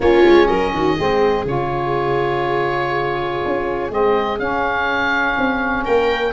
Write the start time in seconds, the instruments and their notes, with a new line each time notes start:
0.00 tuba A#3, saxophone C#4, viola F4, oboe C#5
0.24 tuba G#3
0.47 tuba F#3, viola A#4, oboe D#5
0.73 tuba D#3, viola F#4
0.96 tuba G#3, saxophone C4, viola G#4
1.45 tuba C#3, saxophone F4, oboe C#5
3.44 tuba C#4
3.89 tuba G#3, saxophone C4, oboe D#5
4.39 tuba C#4, saxophone C#4, oboe F5
5.37 tuba C4
5.84 tuba A#3, viola A#4, oboe G5